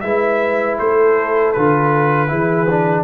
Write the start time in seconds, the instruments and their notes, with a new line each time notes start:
0.00 tuba G#3, trombone E4, horn B4, trumpet E5
0.78 tuba A3, horn A4, trumpet C5
1.52 tuba D3, trombone F4, trumpet B4
2.27 tuba E3, trombone E4, horn G#4
2.69 trombone D4